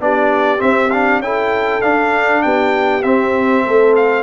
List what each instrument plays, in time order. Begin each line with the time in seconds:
0.00 tuba B3, trombone D4, horn G4, trumpet D5
0.58 trombone C4, tuba C4, trumpet E5
0.90 trombone D4, trumpet F5
1.18 tuba C#4, trombone E4, horn A4, trumpet G5
1.81 trombone D4, tuba D4, trumpet F5
2.42 tuba B3, horn G4, trumpet G5
3.03 tuba C4, trombone C4, trumpet E5
3.64 tuba A3, horn A4
3.95 trumpet F5